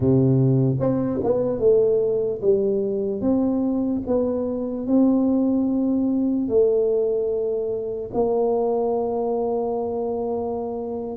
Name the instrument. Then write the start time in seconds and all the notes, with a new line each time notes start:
tuba
0.00 C3
0.79 C4
1.23 B3
1.59 A3
2.41 G3
3.21 C4
4.06 B3
4.86 C4
6.48 A3
8.13 A#3